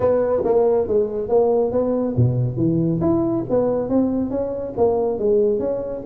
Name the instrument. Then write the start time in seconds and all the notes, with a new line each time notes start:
tuba
0.00 B3
0.44 A#3
0.87 G#3
1.28 A#3
1.71 B3
2.16 B2
2.56 E3
3.01 E4
3.49 B3
3.89 C4
4.30 C#4
4.77 A#3
5.18 G#3
5.59 C#4